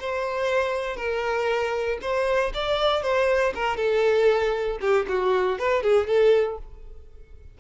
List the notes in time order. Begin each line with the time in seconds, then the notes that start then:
0.00 C5
0.97 A#4
2.02 C5
2.54 D5
3.03 C5
3.55 A#4
3.77 A4
4.81 G4
5.08 F#4
5.59 B4
5.83 G#4
6.07 A4